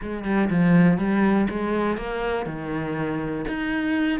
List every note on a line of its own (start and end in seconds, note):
0.02 0.24 G#3
0.24 0.49 G3
0.50 0.98 F3
0.98 1.47 G3
1.49 1.97 G#3
1.97 2.45 A#3
2.45 3.45 D#3
3.47 4.19 D#4